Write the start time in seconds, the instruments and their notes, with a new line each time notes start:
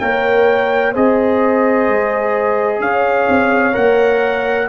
0.00 tuba A#3, trombone A#4, horn C#5, trumpet G5
0.93 tuba C4, trombone G#4, horn C5, trumpet D#5
1.88 tuba G#3
2.80 tuba C#4, horn C#5, trumpet F5
3.29 tuba C4
3.73 tuba A#3, trombone A#4, trumpet F#5